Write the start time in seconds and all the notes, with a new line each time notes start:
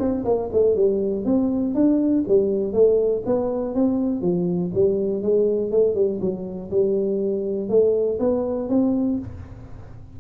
0.00 C4
0.25 A#3
0.53 A3
0.76 G3
1.26 C4
1.75 D4
2.28 G3
2.73 A3
3.26 B3
3.75 C4
4.22 F3
4.75 G3
5.23 G#3
5.72 A3
5.95 G3
6.21 F#3
6.71 G3
7.69 A3
8.20 B3
8.69 C4